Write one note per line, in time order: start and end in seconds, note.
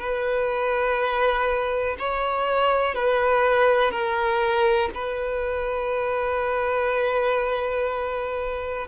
0.00 1.97 B4
1.99 2.95 C#5
2.95 3.91 B4
3.91 4.90 A#4
4.94 8.88 B4